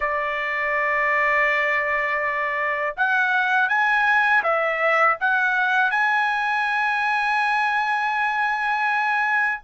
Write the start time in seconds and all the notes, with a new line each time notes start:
0.00 D5
2.96 F#5
3.68 G#5
4.43 E5
5.20 F#5
5.91 G#5